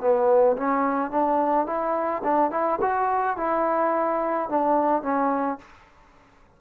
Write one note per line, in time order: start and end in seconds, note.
0.00 0.56 B3
0.56 1.11 C#4
1.11 1.66 D4
1.66 2.22 E4
2.23 2.51 D4
2.51 2.79 E4
2.81 3.37 F#4
3.37 4.49 E4
4.49 5.02 D4
5.02 5.58 C#4